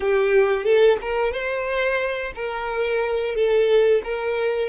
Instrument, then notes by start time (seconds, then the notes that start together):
violin
0.00 G4
0.63 A4
1.01 A#4
1.32 C5
2.35 A#4
3.35 A4
4.03 A#4